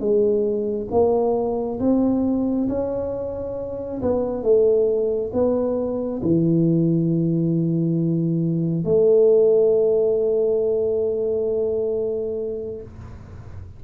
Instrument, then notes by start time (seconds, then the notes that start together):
tuba
0.00 G#3
0.91 A#3
1.80 C4
2.69 C#4
4.02 B3
4.43 A3
5.33 B3
6.23 E3
8.85 A3